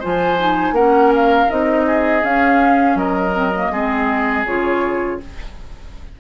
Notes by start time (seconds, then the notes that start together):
0.00 F3 F4 C5 G#5
0.39 D#4
0.72 A#3 C#4 A#4 F#5
1.15 F5
1.49 C4 D#4 D#5
1.87 G#4
2.23 C#4 F5
2.95 F#3 A#4 D#5
3.33 C4
3.55 A#3
3.71 G#3 C4 G#4
4.46 C#3 F4 C#5